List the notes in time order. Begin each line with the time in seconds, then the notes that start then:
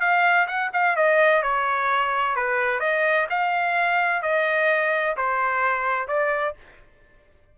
0.00 F5
0.47 F#5
0.73 F5
0.96 D#5
1.43 C#5
2.36 B4
2.80 D#5
3.30 F5
4.22 D#5
5.17 C5
6.08 D5